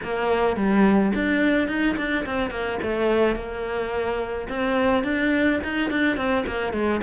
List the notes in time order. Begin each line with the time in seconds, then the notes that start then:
0.03 A#3
0.56 G3
1.14 D4
1.67 D#4
1.97 D4
2.25 C4
2.50 A#3
2.82 A3
3.35 A#3
4.48 C4
5.03 D4
5.63 D#4
5.90 D4
6.16 C4
6.46 A#3
6.72 G#3